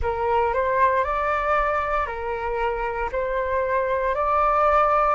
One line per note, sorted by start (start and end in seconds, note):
0.01 0.53 A#4
0.53 1.03 C5
1.03 2.06 D5
2.06 3.09 A#4
3.11 4.14 C5
4.14 5.15 D5